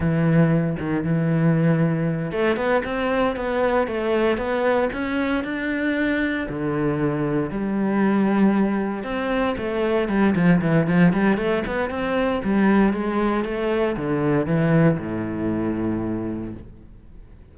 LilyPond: \new Staff \with { instrumentName = "cello" } { \time 4/4 \tempo 4 = 116 e4. dis8 e2~ | e8 a8 b8 c'4 b4 a8~ | a8 b4 cis'4 d'4.~ | d'8 d2 g4.~ |
g4. c'4 a4 g8 | f8 e8 f8 g8 a8 b8 c'4 | g4 gis4 a4 d4 | e4 a,2. | }